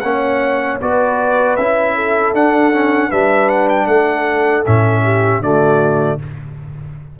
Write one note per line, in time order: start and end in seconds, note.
0.00 0.80 A#3
0.00 0.81 C#4
0.00 0.82 C#5
0.00 0.77 F#5
0.81 1.58 B3
0.81 1.58 F#4
0.81 1.95 B4
0.81 1.56 D5
1.56 2.33 C#4
1.56 2.35 E4
1.56 2.33 E5
1.95 3.08 A4
2.33 3.10 D4
2.33 2.73 D4
2.33 3.11 F#5
2.73 3.11 C#4
3.08 3.86 G3
3.08 4.65 D4
3.08 3.85 B4
3.08 3.49 E5
3.49 3.68 F#5
3.69 3.87 G5
3.86 4.63 A3
3.86 5.03 A4
3.86 4.64 F#5
4.66 5.40 A2
4.66 5.42 C#4
4.66 5.42 E5
5.03 5.41 G4
5.40 6.17 D3
5.40 6.19 A3
5.40 6.18 F#4
5.40 6.19 D5